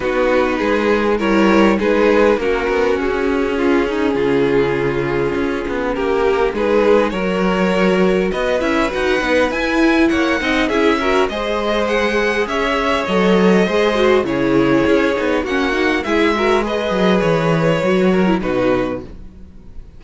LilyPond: <<
  \new Staff \with { instrumentName = "violin" } { \time 4/4 \tempo 4 = 101 b'2 cis''4 b'4 | ais'4 gis'2.~ | gis'2 ais'4 b'4 | cis''2 dis''8 e''8 fis''4 |
gis''4 fis''4 e''4 dis''4 | fis''4 e''4 dis''2 | cis''2 fis''4 e''4 | dis''4 cis''2 b'4 | }
  \new Staff \with { instrumentName = "violin" } { \time 4/4 fis'4 gis'4 ais'4 gis'4 | fis'2 f'8 dis'8 f'4~ | f'2 g'4 gis'4 | ais'2 b'2~ |
b'4 cis''8 dis''8 gis'8 ais'8 c''4~ | c''4 cis''2 c''4 | gis'2 fis'4 gis'8 ais'8 | b'2~ b'8 ais'8 fis'4 | }
  \new Staff \with { instrumentName = "viola" } { \time 4/4 dis'2 e'4 dis'4 | cis'1~ | cis'2. dis'4 | fis'2~ fis'8 e'8 fis'8 dis'8 |
e'4. dis'8 e'8 fis'8 gis'4~ | gis'2 a'4 gis'8 fis'8 | e'4. dis'8 cis'8 dis'8 e'8 fis'8 | gis'2 fis'8. e'16 dis'4 | }
  \new Staff \with { instrumentName = "cello" } { \time 4/4 b4 gis4 g4 gis4 | ais8 b8 cis'2 cis4~ | cis4 cis'8 b8 ais4 gis4 | fis2 b8 cis'8 dis'8 b8 |
e'4 ais8 c'8 cis'4 gis4~ | gis4 cis'4 fis4 gis4 | cis4 cis'8 b8 ais4 gis4~ | gis8 fis8 e4 fis4 b,4 | }
>>